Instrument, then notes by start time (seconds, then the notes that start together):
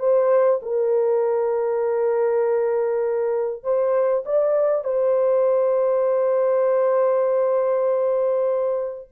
horn
0.00 C5
0.63 A#4
3.64 C5
4.26 D5
4.85 C5